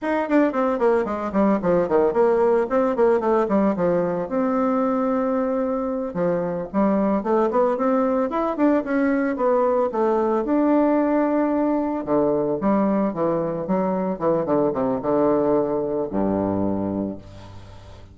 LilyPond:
\new Staff \with { instrumentName = "bassoon" } { \time 4/4 \tempo 4 = 112 dis'8 d'8 c'8 ais8 gis8 g8 f8 dis8 | ais4 c'8 ais8 a8 g8 f4 | c'2.~ c'8 f8~ | f8 g4 a8 b8 c'4 e'8 |
d'8 cis'4 b4 a4 d'8~ | d'2~ d'8 d4 g8~ | g8 e4 fis4 e8 d8 c8 | d2 g,2 | }